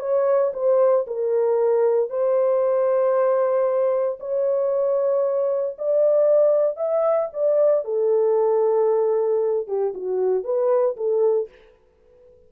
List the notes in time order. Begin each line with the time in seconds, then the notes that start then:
0.00 C#5
0.54 C5
1.07 A#4
2.10 C5
4.20 C#5
5.79 D5
6.77 E5
7.33 D5
7.85 A4
9.68 G4
9.95 F#4
10.44 B4
10.97 A4